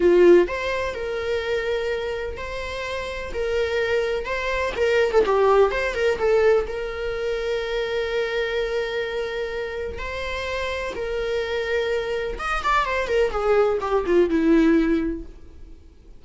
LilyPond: \new Staff \with { instrumentName = "viola" } { \time 4/4 \tempo 4 = 126 f'4 c''4 ais'2~ | ais'4 c''2 ais'4~ | ais'4 c''4 ais'8. a'16 g'4 | c''8 ais'8 a'4 ais'2~ |
ais'1~ | ais'4 c''2 ais'4~ | ais'2 dis''8 d''8 c''8 ais'8 | gis'4 g'8 f'8 e'2 | }